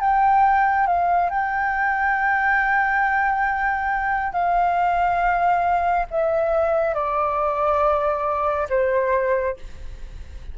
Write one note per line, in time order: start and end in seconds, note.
0.00 0.86 G5
0.86 1.30 F5
1.30 4.32 G5
4.32 6.06 F5
6.10 6.94 E5
6.94 8.68 D5
8.69 9.56 C5